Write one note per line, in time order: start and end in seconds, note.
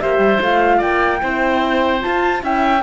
0.00 0.18 A#3
0.00 0.41 G4
0.00 0.77 C5
0.00 0.41 E5
0.18 0.38 G3
0.40 0.81 A3
0.40 1.20 F4
0.40 0.81 F5
0.77 1.22 A#3
0.77 1.18 D5
0.77 2.02 G5
1.20 2.03 C4
1.20 2.00 E4
1.20 2.43 C5
2.00 2.40 F4
2.00 2.43 F4
2.00 2.42 A5
2.40 2.83 C#4
2.40 2.81 E4
2.40 2.83 E5
2.40 2.83 G5